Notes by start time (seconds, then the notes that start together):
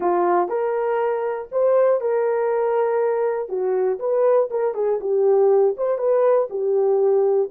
0.00 F4
0.48 A#4
1.51 C5
2.00 A#4
3.48 F#4
3.99 B4
4.50 A#4
4.74 G#4
5.00 G4
5.77 C5
5.98 B4
6.50 G4